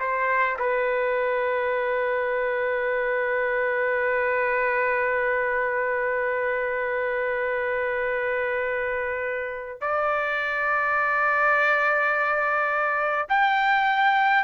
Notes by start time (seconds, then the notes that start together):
0.00 C5
0.59 B4
9.81 D5
13.29 G5